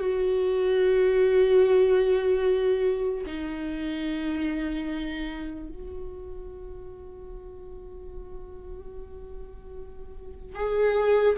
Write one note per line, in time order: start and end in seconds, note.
0.00 3.24 F#4
3.27 5.69 D#4
5.69 10.56 F#4
10.56 11.37 G#4